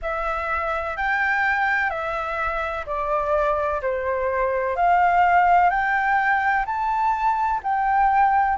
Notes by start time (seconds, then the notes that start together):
0.02 E5
0.97 G5
1.90 E5
2.86 D5
3.81 C5
4.76 F5
5.69 G5
6.65 A5
7.63 G5